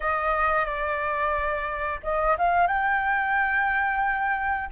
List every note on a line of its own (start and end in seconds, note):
0.00 0.65 D#5
0.65 2.00 D5
2.03 2.36 D#5
2.38 2.67 F5
2.67 4.69 G5